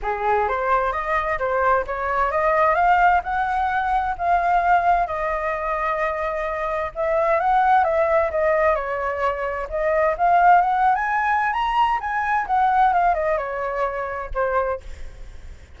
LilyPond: \new Staff \with { instrumentName = "flute" } { \time 4/4 \tempo 4 = 130 gis'4 c''4 dis''4 c''4 | cis''4 dis''4 f''4 fis''4~ | fis''4 f''2 dis''4~ | dis''2. e''4 |
fis''4 e''4 dis''4 cis''4~ | cis''4 dis''4 f''4 fis''8. gis''16~ | gis''4 ais''4 gis''4 fis''4 | f''8 dis''8 cis''2 c''4 | }